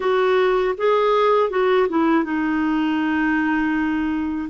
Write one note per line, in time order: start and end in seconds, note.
0.00 0.75 F#4
0.77 1.50 G#4
1.50 1.87 F#4
1.88 2.24 E4
2.24 4.49 D#4